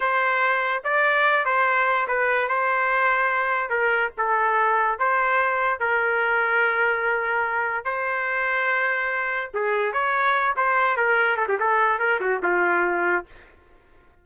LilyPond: \new Staff \with { instrumentName = "trumpet" } { \time 4/4 \tempo 4 = 145 c''2 d''4. c''8~ | c''4 b'4 c''2~ | c''4 ais'4 a'2 | c''2 ais'2~ |
ais'2. c''4~ | c''2. gis'4 | cis''4. c''4 ais'4 a'16 g'16 | a'4 ais'8 fis'8 f'2 | }